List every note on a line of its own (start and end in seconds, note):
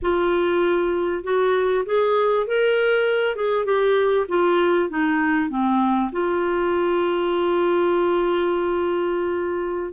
0.02 1.23 F4
1.23 1.85 F#4
1.85 2.46 G#4
2.46 3.35 A#4
3.35 3.65 G#4
3.65 4.26 G4
4.28 4.89 F4
4.89 5.49 D#4
5.49 6.11 C4
6.11 9.92 F4